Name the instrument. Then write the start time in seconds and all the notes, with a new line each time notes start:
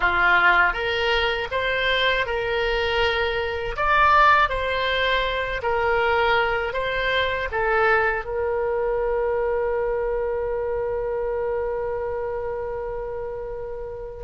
oboe
0.00 F4
0.73 A#4
1.51 C5
2.26 A#4
3.76 D5
4.49 C5
5.62 A#4
6.73 C5
7.51 A4
8.24 A#4